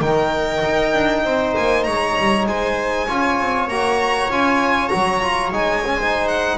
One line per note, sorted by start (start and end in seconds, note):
0.00 0.61 D#3
0.00 3.08 D#4
0.00 1.24 A#4
0.00 1.54 G5
0.64 0.93 D#4
0.93 1.23 D4
1.23 1.54 C4
1.23 1.85 C5
1.55 1.87 A#3
1.55 1.83 G#5
1.83 2.17 G#3
1.83 2.47 C#5
1.83 2.45 A#5
2.17 2.45 G3
2.45 3.07 G#3
2.45 3.07 C5
2.45 3.68 G#5
3.07 3.40 C#4
3.07 3.69 F4
3.07 5.96 C#5
3.40 3.67 C4
3.67 4.29 A#3
3.67 4.30 F#4
3.67 4.30 A#5
4.29 4.90 C#4
4.29 4.90 F4
4.29 4.88 G#5
4.88 5.52 F#3
4.88 5.21 F#4
4.88 5.49 A#5
5.21 5.52 F4
5.52 6.57 G#3
5.52 5.83 D#4
5.52 6.27 G#5
5.85 6.01 C#4
5.96 6.57 D#4
5.96 6.57 C5
6.27 6.57 F#5